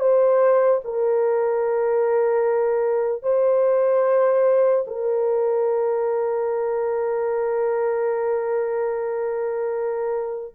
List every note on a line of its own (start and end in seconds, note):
0.00 0.81 C5
0.85 3.23 A#4
3.23 4.85 C5
4.88 10.55 A#4